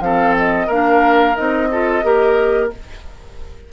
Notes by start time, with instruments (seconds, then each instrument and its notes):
0.00 bassoon F3, clarinet C4, oboe A4, flute F5
0.37 flute D#5
0.67 bassoon A#3, clarinet D4, oboe A#4, flute F5
1.35 bassoon C4, clarinet D#4, flute D#5
1.71 clarinet F4, oboe A4
2.03 bassoon A#3, clarinet G4, oboe A#4